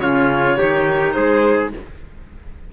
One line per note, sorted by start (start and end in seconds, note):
0.00 0.58 C#3
0.00 0.58 C#4
0.00 0.58 F4
0.00 1.12 C#5
0.58 1.16 D#3
0.58 1.73 D#4
0.58 1.15 G4
1.12 1.73 G#3
1.12 1.73 G#4
1.12 1.70 C5